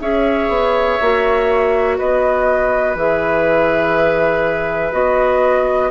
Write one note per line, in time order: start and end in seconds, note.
0.00 0.48 C#4
0.00 0.99 G#4
0.00 1.97 C#5
0.00 1.97 E5
0.48 0.98 B3
1.01 1.99 A#3
1.01 2.96 F#4
1.97 2.95 B3
1.97 5.90 B4
1.97 2.96 D#5
2.95 4.91 E3
2.95 4.92 G#4
2.95 4.93 E5
4.92 5.91 B3
4.92 5.90 F#4
4.92 5.91 D#5